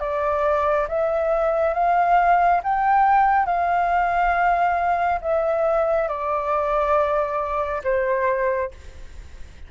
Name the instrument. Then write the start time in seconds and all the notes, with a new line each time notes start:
flute
0.00 D5
0.88 E5
1.74 F5
2.64 G5
3.46 F5
5.21 E5
6.08 D5
7.84 C5